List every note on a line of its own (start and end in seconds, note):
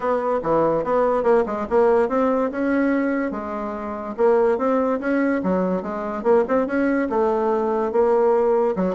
0.00 0.40 B3
0.43 0.84 E3
0.84 1.23 B3
1.23 1.44 A#3
1.46 1.67 G#3
1.69 2.09 A#3
2.09 2.50 C4
2.51 3.31 C#4
3.31 4.14 G#3
4.17 4.58 A#3
4.58 4.99 C4
5.00 5.41 C#4
5.43 5.82 F#3
5.82 6.23 G#3
6.23 6.44 A#3
6.48 6.66 C4
6.66 7.08 C#4
7.09 7.92 A3
7.92 8.75 A#3
8.75 8.95 F#3